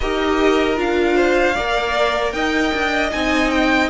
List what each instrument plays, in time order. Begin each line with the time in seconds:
0.00 cello D#4, viola G4, violin A#4 D#5
0.75 cello D4, viola F4, violin F5
1.15 violin C5
1.54 cello A#3, viola A#4, violin D5
2.32 cello D#4, violin D#5 G5
2.73 cello D4
3.11 cello C4, viola D#4, violin G#5
3.50 violin G5